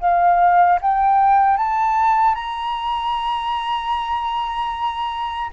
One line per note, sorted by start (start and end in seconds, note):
0.00 0.79 F5
0.81 1.57 G5
1.57 2.34 A5
2.34 5.50 A#5